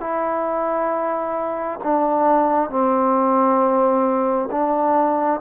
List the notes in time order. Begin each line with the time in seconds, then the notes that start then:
0.00 E4
1.83 D4
2.70 C4
4.51 D4